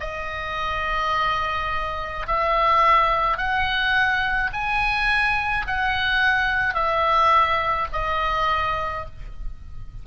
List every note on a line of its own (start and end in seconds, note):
0.00 2.26 D#5
2.27 3.37 E5
3.37 4.50 F#5
4.53 5.66 G#5
5.67 6.74 F#5
6.74 7.87 E5
7.92 9.06 D#5